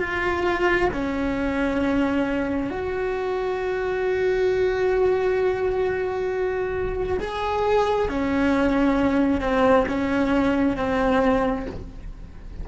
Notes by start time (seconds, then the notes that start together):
0.00 F4
0.92 C#4
2.69 F#4
7.19 G#4
8.08 C#4
9.40 C4
9.88 C#4
10.76 C4